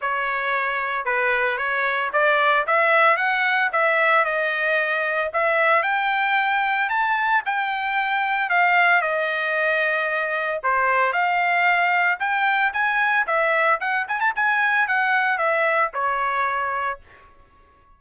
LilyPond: \new Staff \with { instrumentName = "trumpet" } { \time 4/4 \tempo 4 = 113 cis''2 b'4 cis''4 | d''4 e''4 fis''4 e''4 | dis''2 e''4 g''4~ | g''4 a''4 g''2 |
f''4 dis''2. | c''4 f''2 g''4 | gis''4 e''4 fis''8 gis''16 a''16 gis''4 | fis''4 e''4 cis''2 | }